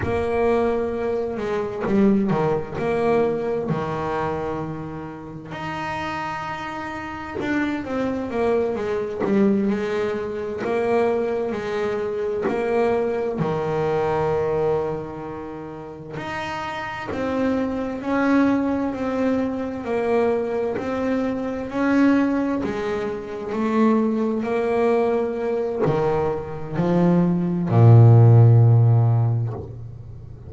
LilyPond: \new Staff \with { instrumentName = "double bass" } { \time 4/4 \tempo 4 = 65 ais4. gis8 g8 dis8 ais4 | dis2 dis'2 | d'8 c'8 ais8 gis8 g8 gis4 ais8~ | ais8 gis4 ais4 dis4.~ |
dis4. dis'4 c'4 cis'8~ | cis'8 c'4 ais4 c'4 cis'8~ | cis'8 gis4 a4 ais4. | dis4 f4 ais,2 | }